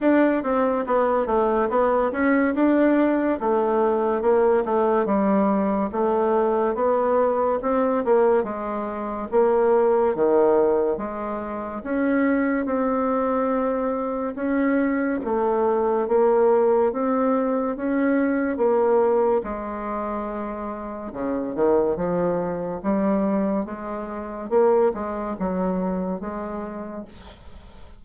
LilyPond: \new Staff \with { instrumentName = "bassoon" } { \time 4/4 \tempo 4 = 71 d'8 c'8 b8 a8 b8 cis'8 d'4 | a4 ais8 a8 g4 a4 | b4 c'8 ais8 gis4 ais4 | dis4 gis4 cis'4 c'4~ |
c'4 cis'4 a4 ais4 | c'4 cis'4 ais4 gis4~ | gis4 cis8 dis8 f4 g4 | gis4 ais8 gis8 fis4 gis4 | }